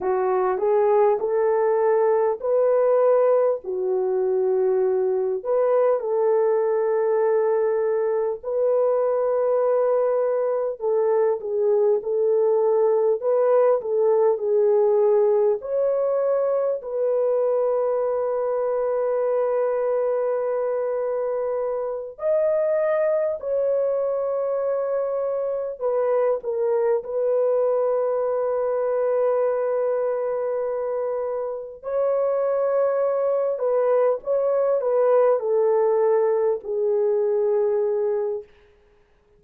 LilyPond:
\new Staff \with { instrumentName = "horn" } { \time 4/4 \tempo 4 = 50 fis'8 gis'8 a'4 b'4 fis'4~ | fis'8 b'8 a'2 b'4~ | b'4 a'8 gis'8 a'4 b'8 a'8 | gis'4 cis''4 b'2~ |
b'2~ b'8 dis''4 cis''8~ | cis''4. b'8 ais'8 b'4.~ | b'2~ b'8 cis''4. | b'8 cis''8 b'8 a'4 gis'4. | }